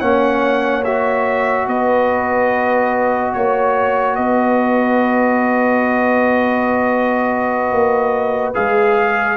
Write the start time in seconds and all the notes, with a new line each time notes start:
0.00 A#3 C#4 C#5 F#5
0.85 F#4 E5
1.67 B3 B4 D#5
3.34 A#3 C#5
4.16 B3 B4 D#5
7.72 A#3
8.55 G#3 G#4 F5